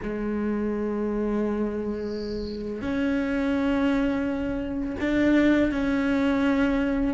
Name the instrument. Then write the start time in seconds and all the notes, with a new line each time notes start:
cello
0.02 G#3
2.81 C#4
5.00 D4
5.71 C#4